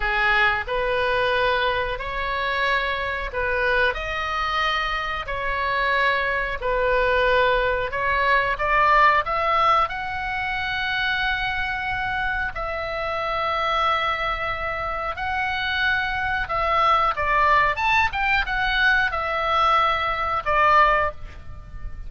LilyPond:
\new Staff \with { instrumentName = "oboe" } { \time 4/4 \tempo 4 = 91 gis'4 b'2 cis''4~ | cis''4 b'4 dis''2 | cis''2 b'2 | cis''4 d''4 e''4 fis''4~ |
fis''2. e''4~ | e''2. fis''4~ | fis''4 e''4 d''4 a''8 g''8 | fis''4 e''2 d''4 | }